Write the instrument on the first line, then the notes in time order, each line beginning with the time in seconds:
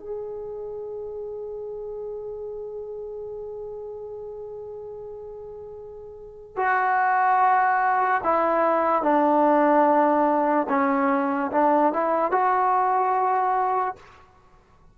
trombone
0.00 G#4
6.57 F#4
8.24 E4
9.03 D4
10.69 C#4
11.53 D4
11.93 E4
12.32 F#4